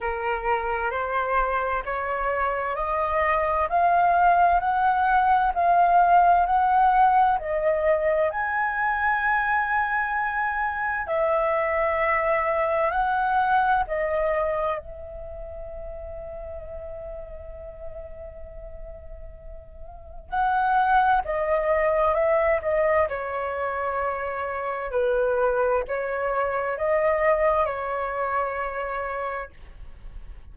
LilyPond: \new Staff \with { instrumentName = "flute" } { \time 4/4 \tempo 4 = 65 ais'4 c''4 cis''4 dis''4 | f''4 fis''4 f''4 fis''4 | dis''4 gis''2. | e''2 fis''4 dis''4 |
e''1~ | e''2 fis''4 dis''4 | e''8 dis''8 cis''2 b'4 | cis''4 dis''4 cis''2 | }